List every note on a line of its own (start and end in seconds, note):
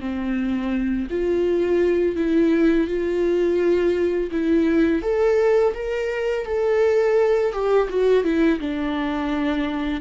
0.00 1.07 C4
1.10 2.16 F4
2.16 2.87 E4
2.87 4.30 F4
4.31 5.02 E4
5.02 5.73 A4
5.74 6.45 A#4
6.45 7.52 A4
7.52 7.88 G4
7.89 8.23 F#4
8.23 8.59 E4
8.60 10.01 D4